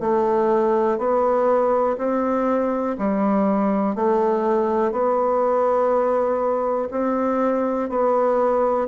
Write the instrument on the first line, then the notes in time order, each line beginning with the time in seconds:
bassoon
0.00 A3
0.98 B3
1.98 C4
2.98 G3
3.95 A3
4.91 B3
6.91 C4
7.89 B3